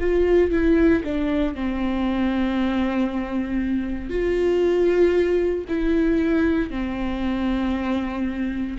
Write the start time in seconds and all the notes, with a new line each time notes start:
0.00 F4
0.51 E4
1.04 D4
1.55 C4
4.10 F4
5.68 E4
6.70 C4